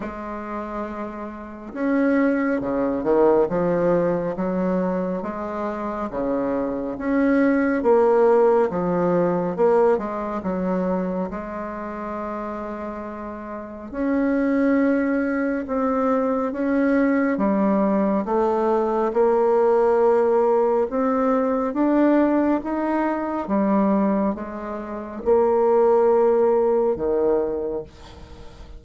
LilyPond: \new Staff \with { instrumentName = "bassoon" } { \time 4/4 \tempo 4 = 69 gis2 cis'4 cis8 dis8 | f4 fis4 gis4 cis4 | cis'4 ais4 f4 ais8 gis8 | fis4 gis2. |
cis'2 c'4 cis'4 | g4 a4 ais2 | c'4 d'4 dis'4 g4 | gis4 ais2 dis4 | }